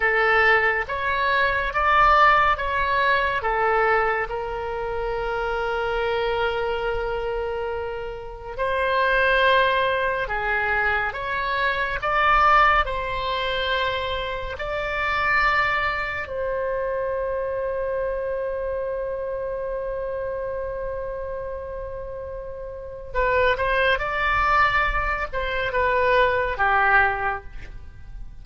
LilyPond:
\new Staff \with { instrumentName = "oboe" } { \time 4/4 \tempo 4 = 70 a'4 cis''4 d''4 cis''4 | a'4 ais'2.~ | ais'2 c''2 | gis'4 cis''4 d''4 c''4~ |
c''4 d''2 c''4~ | c''1~ | c''2. b'8 c''8 | d''4. c''8 b'4 g'4 | }